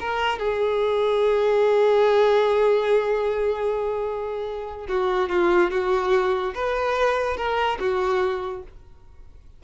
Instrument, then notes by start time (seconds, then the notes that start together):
violin
0.00 A#4
0.39 G#4
4.88 F#4
5.29 F4
5.71 F#4
6.54 B4
7.37 A#4
7.80 F#4